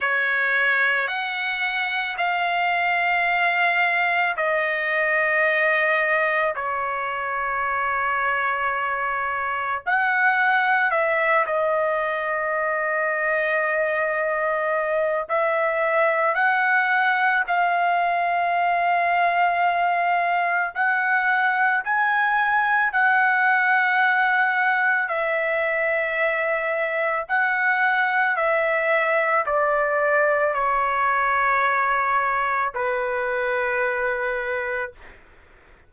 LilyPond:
\new Staff \with { instrumentName = "trumpet" } { \time 4/4 \tempo 4 = 55 cis''4 fis''4 f''2 | dis''2 cis''2~ | cis''4 fis''4 e''8 dis''4.~ | dis''2 e''4 fis''4 |
f''2. fis''4 | gis''4 fis''2 e''4~ | e''4 fis''4 e''4 d''4 | cis''2 b'2 | }